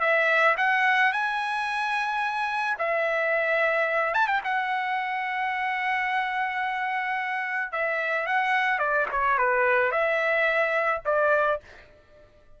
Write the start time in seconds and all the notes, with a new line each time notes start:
0.00 E5
0.57 F#5
1.12 G#5
2.78 E5
4.14 A5
4.27 G5
4.43 F#5
7.72 E5
8.26 F#5
8.78 D5
9.11 C#5
9.38 B4
9.91 E5
11.05 D5